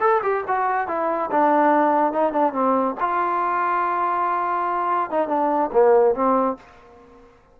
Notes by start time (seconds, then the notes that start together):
0.00 A4
0.22 G4
0.47 F#4
0.87 E4
1.31 D4
2.12 D#4
2.32 D4
2.53 C4
2.99 F4
5.10 D#4
5.28 D4
5.72 A#3
6.14 C4